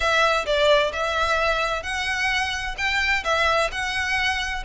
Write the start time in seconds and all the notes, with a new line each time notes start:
0.00 E5
0.46 D5
0.92 E5
1.82 F#5
2.77 G5
3.24 E5
3.71 F#5